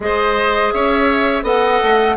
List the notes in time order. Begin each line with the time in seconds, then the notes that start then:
0.00 G#3 G#4 C5 D#5
0.72 C#4 C#5 E5
1.42 B3 A4 D#5 F#5
1.83 A3